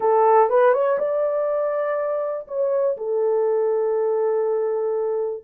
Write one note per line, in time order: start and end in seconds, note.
0.00 0.49 A4
0.49 0.73 B4
0.73 0.98 C#5
0.98 2.47 D5
2.47 2.97 C#5
2.97 5.44 A4